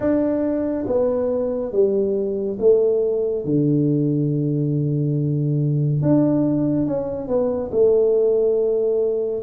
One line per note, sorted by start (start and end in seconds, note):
0.00 0.85 D4
0.86 1.71 B3
1.71 2.57 G3
2.59 3.44 A3
3.44 6.02 D3
6.02 6.86 D4
6.86 7.27 C#4
7.27 7.70 B3
7.71 9.42 A3